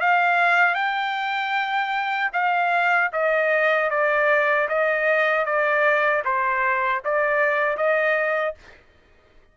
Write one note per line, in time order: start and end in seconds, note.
0.00 0.74 F5
0.74 2.30 G5
2.33 3.11 F5
3.12 3.90 D#5
3.90 4.68 D5
4.69 5.45 D#5
5.45 6.23 D5
6.25 7.03 C5
7.04 7.77 D5
7.77 8.55 D#5